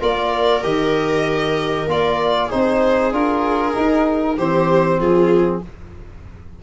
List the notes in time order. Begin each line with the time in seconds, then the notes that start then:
0.00 A#3 F4 A#4 D5
0.63 D#3 G4 D#5
1.87 A#3 F4 D5
2.47 D#4 G#4 C5
2.53 C4
3.12 D4 F4 A#4
3.74 D#4
4.37 E3 C4 G4 C5
4.99 F3 F4 G#4